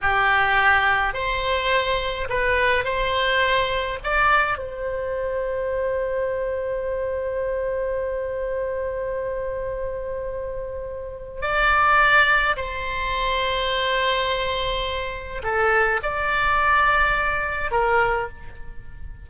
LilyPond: \new Staff \with { instrumentName = "oboe" } { \time 4/4 \tempo 4 = 105 g'2 c''2 | b'4 c''2 d''4 | c''1~ | c''1~ |
c''1 | d''2 c''2~ | c''2. a'4 | d''2. ais'4 | }